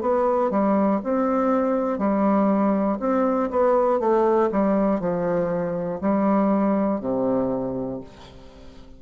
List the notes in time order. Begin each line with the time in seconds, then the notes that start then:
0.00 B3
0.50 G3
1.03 C4
1.98 G3
2.99 C4
3.50 B3
4.00 A3
4.51 G3
5.00 F3
6.00 G3
7.00 C3